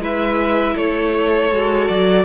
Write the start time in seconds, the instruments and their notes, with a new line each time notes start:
0.00 cello G#3, viola E4, violin B4 E5
0.75 cello A3, violin A4 C#5
1.52 cello G#3, viola F#4
1.89 cello F#3, violin D5